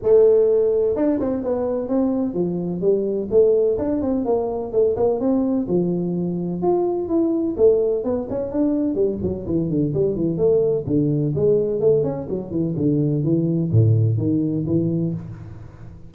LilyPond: \new Staff \with { instrumentName = "tuba" } { \time 4/4 \tempo 4 = 127 a2 d'8 c'8 b4 | c'4 f4 g4 a4 | d'8 c'8 ais4 a8 ais8 c'4 | f2 f'4 e'4 |
a4 b8 cis'8 d'4 g8 fis8 | e8 d8 g8 e8 a4 d4 | gis4 a8 cis'8 fis8 e8 d4 | e4 a,4 dis4 e4 | }